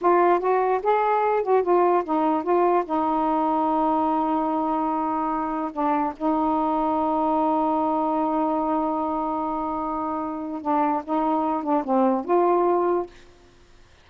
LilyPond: \new Staff \with { instrumentName = "saxophone" } { \time 4/4 \tempo 4 = 147 f'4 fis'4 gis'4. fis'8 | f'4 dis'4 f'4 dis'4~ | dis'1~ | dis'2 d'4 dis'4~ |
dis'1~ | dis'1~ | dis'2 d'4 dis'4~ | dis'8 d'8 c'4 f'2 | }